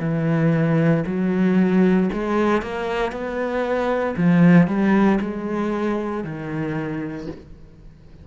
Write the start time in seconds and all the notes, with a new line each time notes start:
0.00 E3
1.06 F#3
2.13 G#3
2.62 A#3
3.12 B3
4.17 F3
4.67 G3
5.21 G#3
6.24 D#3